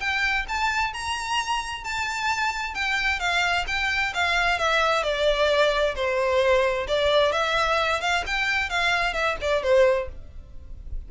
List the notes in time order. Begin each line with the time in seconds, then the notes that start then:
0.00 G5
0.49 A5
0.93 A#5
1.84 A5
2.74 G5
3.20 F5
3.68 G5
4.14 F5
4.59 E5
5.03 D5
5.95 C5
6.88 D5
7.32 E5
8.01 F5
8.27 G5
8.70 F5
9.14 E5
9.42 D5
9.63 C5